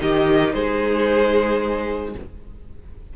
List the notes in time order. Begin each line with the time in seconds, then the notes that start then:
0.00 D#3 D#4 G4 D#5
0.53 G#3 G#4 C5